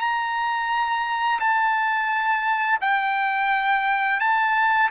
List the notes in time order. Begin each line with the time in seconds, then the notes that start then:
0.00 A#5
1.40 A5
2.81 G5
4.20 A5